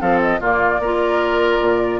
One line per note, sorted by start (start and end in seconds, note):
0.00 0.39 F3
0.00 0.40 C4
0.00 0.40 A4
0.00 0.20 F5
0.21 0.41 D#5
0.39 0.79 A#2
0.39 0.82 A#3
0.39 0.80 F4
0.39 2.00 D5
0.79 1.59 A#3
0.79 2.00 F4
0.79 2.00 A#4
1.61 2.00 A#2